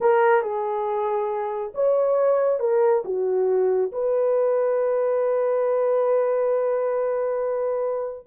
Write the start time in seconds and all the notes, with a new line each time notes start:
0.01 A#4
0.42 G#4
1.74 C#5
2.59 A#4
3.04 F#4
3.92 B4